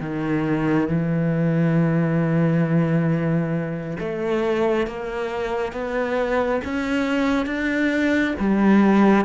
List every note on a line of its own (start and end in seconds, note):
0.00 0.88 D#3
0.88 3.97 E3
3.99 4.86 A3
4.86 5.72 A#3
5.72 6.61 B3
6.64 7.46 C#4
7.46 8.34 D4
8.39 9.25 G3